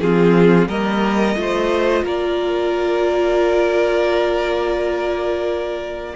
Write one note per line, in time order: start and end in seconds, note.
0.00 0.67 F3
0.00 0.69 C4
0.00 0.68 F4
0.00 0.68 G#4
0.67 1.35 G3
0.67 1.36 A#3
0.67 1.36 A#4
0.67 2.04 D#5
1.35 2.03 A3
1.35 6.13 F4
1.35 2.04 C5
2.04 6.13 A#3
2.04 6.13 A#4
2.04 6.15 D5